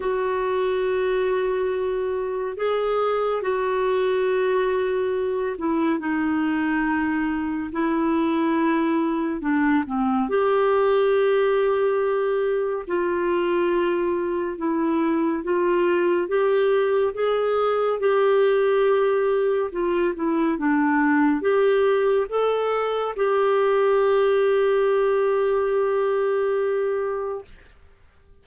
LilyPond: \new Staff \with { instrumentName = "clarinet" } { \time 4/4 \tempo 4 = 70 fis'2. gis'4 | fis'2~ fis'8 e'8 dis'4~ | dis'4 e'2 d'8 c'8 | g'2. f'4~ |
f'4 e'4 f'4 g'4 | gis'4 g'2 f'8 e'8 | d'4 g'4 a'4 g'4~ | g'1 | }